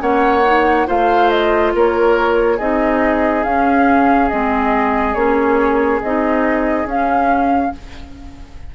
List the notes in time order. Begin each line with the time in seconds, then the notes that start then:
0.00 A#3 C#4 C#5 F#5
0.46 D#4
0.87 A3 F4 C5 F5
1.30 D#5
1.75 A#3 A#4 C#5
2.58 C4 D#4 G#4 D#5
3.44 C#4 F5
4.29 G#3 C4 D#5
5.15 A#3 C#4 C#5
6.02 C4 D#4 D#5
6.86 C#4 F5